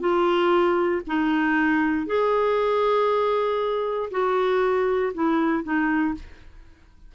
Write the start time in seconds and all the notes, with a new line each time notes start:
0.00 F4
1.07 D#4
2.06 G#4
4.11 F#4
5.14 E4
5.63 D#4